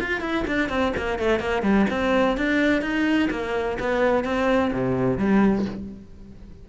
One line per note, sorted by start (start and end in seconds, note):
0.00 0.21 F4
0.21 0.44 E4
0.47 0.69 D4
0.69 0.93 C4
0.97 1.19 A#3
1.19 1.39 A3
1.39 1.62 A#3
1.62 1.86 G3
1.90 2.37 C4
2.37 2.81 D4
2.81 3.29 D#4
3.30 3.78 A#3
3.80 4.24 B3
4.24 4.72 C4
4.73 5.18 C3
5.18 5.65 G3